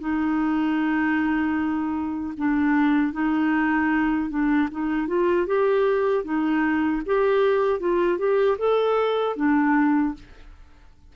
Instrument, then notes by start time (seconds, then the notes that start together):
clarinet
0.00 D#4
2.38 D4
3.13 D#4
4.30 D4
4.71 D#4
5.08 F4
5.47 G4
6.24 D#4
7.06 G4
7.80 F4
8.19 G4
8.59 A4
9.36 D4